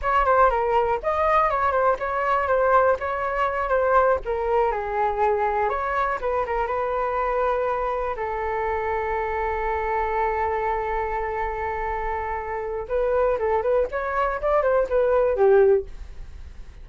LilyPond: \new Staff \with { instrumentName = "flute" } { \time 4/4 \tempo 4 = 121 cis''8 c''8 ais'4 dis''4 cis''8 c''8 | cis''4 c''4 cis''4. c''8~ | c''8 ais'4 gis'2 cis''8~ | cis''8 b'8 ais'8 b'2~ b'8~ |
b'8 a'2.~ a'8~ | a'1~ | a'2 b'4 a'8 b'8 | cis''4 d''8 c''8 b'4 g'4 | }